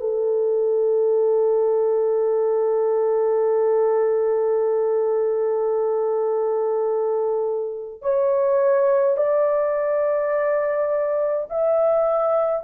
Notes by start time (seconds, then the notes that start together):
0.00 A4
8.01 C#5
9.17 D5
11.50 E5